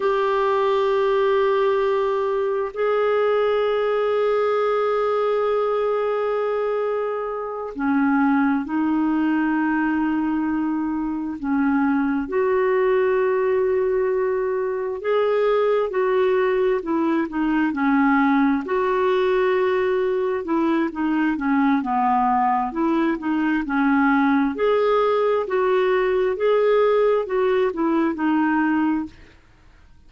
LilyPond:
\new Staff \with { instrumentName = "clarinet" } { \time 4/4 \tempo 4 = 66 g'2. gis'4~ | gis'1~ | gis'8 cis'4 dis'2~ dis'8~ | dis'8 cis'4 fis'2~ fis'8~ |
fis'8 gis'4 fis'4 e'8 dis'8 cis'8~ | cis'8 fis'2 e'8 dis'8 cis'8 | b4 e'8 dis'8 cis'4 gis'4 | fis'4 gis'4 fis'8 e'8 dis'4 | }